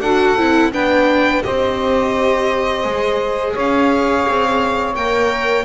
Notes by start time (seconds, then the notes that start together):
0.00 D4 F#4 A4 F#5
0.37 C4 E4
0.72 B3 D4 B4 G5
1.42 C4 G4 C5 D#5
2.83 G#3 G#4
3.53 C#4 C#5 F5
4.28 C4
4.95 A#3 A#4 G5